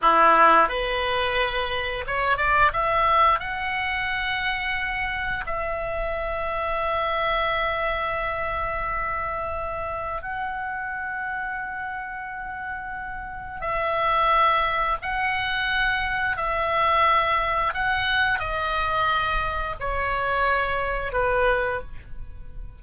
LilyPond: \new Staff \with { instrumentName = "oboe" } { \time 4/4 \tempo 4 = 88 e'4 b'2 cis''8 d''8 | e''4 fis''2. | e''1~ | e''2. fis''4~ |
fis''1 | e''2 fis''2 | e''2 fis''4 dis''4~ | dis''4 cis''2 b'4 | }